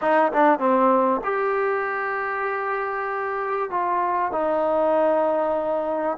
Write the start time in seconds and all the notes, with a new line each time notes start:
0.01 D#4
0.32 D4
0.59 C4
1.24 G4
3.70 F4
4.32 D#4